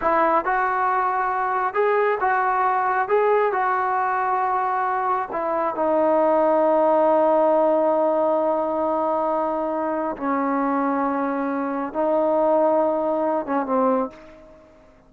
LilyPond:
\new Staff \with { instrumentName = "trombone" } { \time 4/4 \tempo 4 = 136 e'4 fis'2. | gis'4 fis'2 gis'4 | fis'1 | e'4 dis'2.~ |
dis'1~ | dis'2. cis'4~ | cis'2. dis'4~ | dis'2~ dis'8 cis'8 c'4 | }